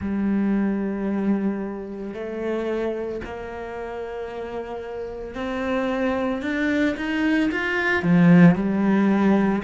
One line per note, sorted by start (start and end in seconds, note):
0.01 2.14 G3
2.14 3.21 A3
3.24 5.34 A#3
5.34 6.41 C4
6.42 6.95 D4
6.96 7.50 D#4
7.51 8.03 F4
8.03 8.55 F3
8.55 9.62 G3